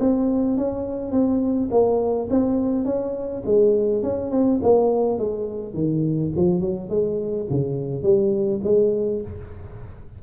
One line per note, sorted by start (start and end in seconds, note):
0.00 0.58 C4
0.58 1.11 C#4
1.11 1.69 C4
1.71 2.29 A#3
2.31 2.85 C4
2.85 3.43 C#4
3.45 4.03 G#3
4.03 4.31 C#4
4.31 4.60 C4
4.63 5.19 A#3
5.19 5.74 G#3
5.74 6.32 D#3
6.36 6.61 F3
6.61 6.90 F#3
6.90 7.47 G#3
7.51 8.03 C#3
8.03 8.61 G3
8.64 9.22 G#3